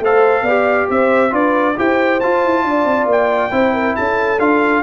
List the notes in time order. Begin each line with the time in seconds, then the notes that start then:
0.00 A3 A4 C5 F5
0.43 B3 G4 D5
0.90 C4 C5 E5
1.31 D4 F4 B4 D5
1.77 E4 G4 C5 G5
2.21 F4 A5
2.46 E4
2.65 D4 D5
2.85 C4
3.06 A#3 G5
3.51 C4 E4 C5
3.74 A#4
3.96 C#4 A4 A5
4.39 D4 F4 F5